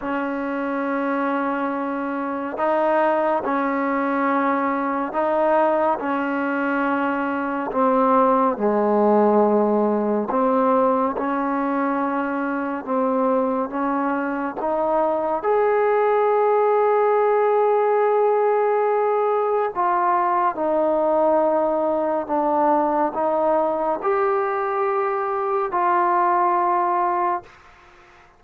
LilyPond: \new Staff \with { instrumentName = "trombone" } { \time 4/4 \tempo 4 = 70 cis'2. dis'4 | cis'2 dis'4 cis'4~ | cis'4 c'4 gis2 | c'4 cis'2 c'4 |
cis'4 dis'4 gis'2~ | gis'2. f'4 | dis'2 d'4 dis'4 | g'2 f'2 | }